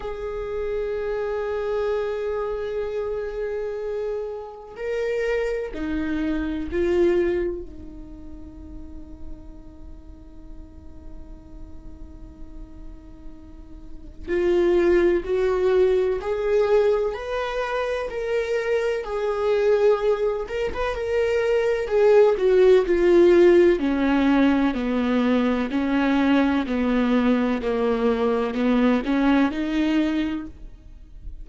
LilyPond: \new Staff \with { instrumentName = "viola" } { \time 4/4 \tempo 4 = 63 gis'1~ | gis'4 ais'4 dis'4 f'4 | dis'1~ | dis'2. f'4 |
fis'4 gis'4 b'4 ais'4 | gis'4. ais'16 b'16 ais'4 gis'8 fis'8 | f'4 cis'4 b4 cis'4 | b4 ais4 b8 cis'8 dis'4 | }